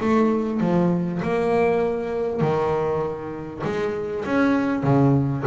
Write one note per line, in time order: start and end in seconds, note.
0.00 0.61 A3
0.61 1.21 F3
1.23 2.41 A#3
2.41 3.62 D#3
3.64 4.25 G#3
4.25 4.83 C#4
4.83 5.44 C#3